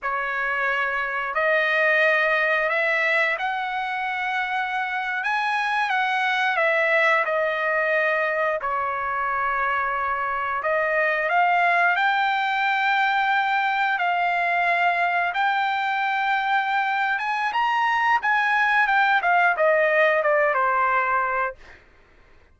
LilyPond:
\new Staff \with { instrumentName = "trumpet" } { \time 4/4 \tempo 4 = 89 cis''2 dis''2 | e''4 fis''2~ fis''8. gis''16~ | gis''8. fis''4 e''4 dis''4~ dis''16~ | dis''8. cis''2. dis''16~ |
dis''8. f''4 g''2~ g''16~ | g''8. f''2 g''4~ g''16~ | g''4. gis''8 ais''4 gis''4 | g''8 f''8 dis''4 d''8 c''4. | }